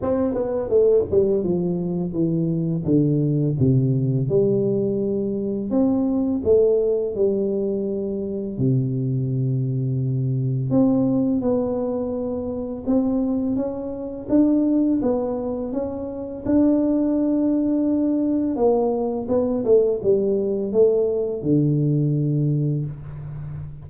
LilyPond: \new Staff \with { instrumentName = "tuba" } { \time 4/4 \tempo 4 = 84 c'8 b8 a8 g8 f4 e4 | d4 c4 g2 | c'4 a4 g2 | c2. c'4 |
b2 c'4 cis'4 | d'4 b4 cis'4 d'4~ | d'2 ais4 b8 a8 | g4 a4 d2 | }